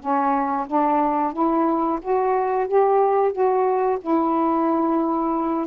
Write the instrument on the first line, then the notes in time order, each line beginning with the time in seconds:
saxophone
0.00 C#4
0.67 D4
1.33 E4
2.02 F#4
2.68 G4
3.32 F#4
4.01 E4